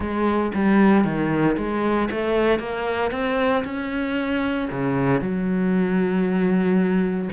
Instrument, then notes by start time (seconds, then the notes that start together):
cello
0.00 G#3
0.54 G3
1.04 D#3
1.57 G#3
2.11 A3
2.59 A#3
3.11 C4
3.64 C#4
4.70 C#3
5.20 F#3